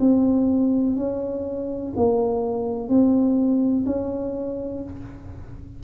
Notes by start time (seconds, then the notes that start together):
0.00 C4
0.96 C#4
1.96 A#3
2.89 C4
3.86 C#4